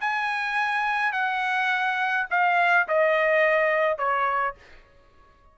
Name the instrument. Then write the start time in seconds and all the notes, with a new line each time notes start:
trumpet
0.00 G#5
1.12 F#5
2.30 F5
2.88 D#5
3.97 C#5